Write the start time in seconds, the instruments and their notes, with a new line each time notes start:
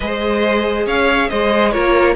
0.00 cello G#3, viola G#4, violin C5 D#5
0.86 cello C#4, violin C#5 F5
1.29 cello G#3, violin C5 D#5
1.71 cello A#3, viola F4, violin A#4 C#5